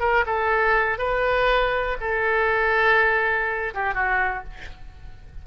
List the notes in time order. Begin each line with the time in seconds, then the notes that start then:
0.00 A#4
0.26 A4
0.98 B4
2.01 A4
3.74 G4
3.94 F#4